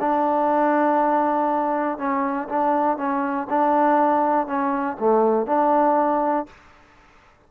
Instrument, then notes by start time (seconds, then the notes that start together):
trombone
0.00 D4
1.98 C#4
2.49 D4
2.97 C#4
3.50 D4
4.47 C#4
5.00 A3
5.46 D4